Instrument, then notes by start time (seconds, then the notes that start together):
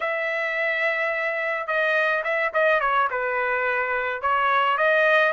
trumpet
0.00 E5
1.67 D#5
2.24 E5
2.53 D#5
2.80 C#5
3.10 B4
4.21 C#5
4.77 D#5